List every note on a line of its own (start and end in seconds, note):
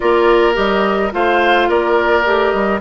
0.00 0.56 A#3
0.00 0.53 F4
0.00 1.12 A#4
0.00 0.55 D5
0.53 1.12 G3
0.53 1.09 G4
0.53 1.12 D#5
1.12 1.68 A3
1.12 2.24 F4
1.12 1.68 C5
1.12 1.69 F5
1.68 2.25 A#3
1.68 2.80 A#4
1.68 2.50 D5
2.24 2.53 A3
2.24 2.80 G4
2.50 2.81 G3
2.50 2.78 D#5